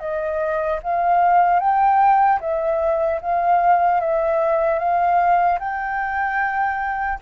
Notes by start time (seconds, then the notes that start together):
0.00 D#5
0.83 F5
1.60 G5
2.41 E5
3.22 F5
4.01 E5
4.79 F5
5.59 G5